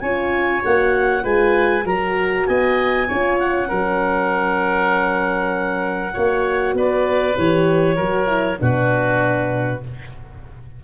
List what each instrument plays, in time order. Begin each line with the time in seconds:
0.00 tuba C#4, horn F4, oboe C#5, clarinet G#5
0.63 tuba A#3, horn F#4, clarinet F#5
1.21 tuba G#3, horn F4, oboe B4, clarinet G#5
1.85 tuba F#3, horn F#4, oboe A#4, clarinet A#5
2.46 tuba B3, oboe D#5, clarinet G#5
3.08 tuba C#4, horn F4, oboe C#5
3.39 clarinet F#5
3.68 tuba F#3, horn C#4, oboe A#4
6.13 tuba A#3, horn F#4, oboe C#5
6.74 tuba B3, oboe B4, clarinet D5
7.37 tuba E3, horn G4, clarinet C#5
7.96 tuba F#3, horn F#4, oboe A#4
8.26 horn E4
8.59 tuba B2, horn D4, oboe F#4, clarinet B4